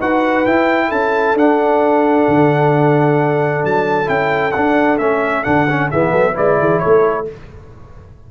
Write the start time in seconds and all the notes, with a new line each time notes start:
0.00 D#4 F#4 B4 F#5
0.46 E4 G5
0.88 C#4 A4 A5
1.34 D4 F#5
2.28 D3
3.64 F#3 A5
4.05 C#4 E4 G5
4.51 D4 F#5
4.98 A3 C#4 E5
5.43 D3 D4 F#5
5.70 C#4
5.90 E3 B3 G#4 E5
6.11 F#3 A4
6.34 G#3 E4 B4 D5
6.59 E3 G#4
6.79 A4 C#5
6.85 A3